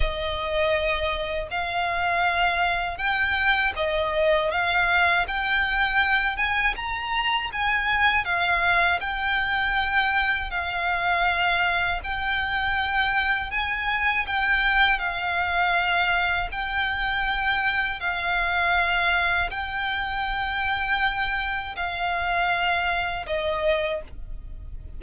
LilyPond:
\new Staff \with { instrumentName = "violin" } { \time 4/4 \tempo 4 = 80 dis''2 f''2 | g''4 dis''4 f''4 g''4~ | g''8 gis''8 ais''4 gis''4 f''4 | g''2 f''2 |
g''2 gis''4 g''4 | f''2 g''2 | f''2 g''2~ | g''4 f''2 dis''4 | }